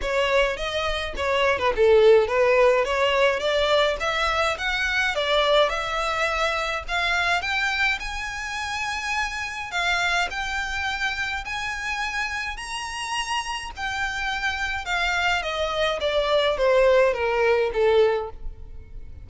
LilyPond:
\new Staff \with { instrumentName = "violin" } { \time 4/4 \tempo 4 = 105 cis''4 dis''4 cis''8. b'16 a'4 | b'4 cis''4 d''4 e''4 | fis''4 d''4 e''2 | f''4 g''4 gis''2~ |
gis''4 f''4 g''2 | gis''2 ais''2 | g''2 f''4 dis''4 | d''4 c''4 ais'4 a'4 | }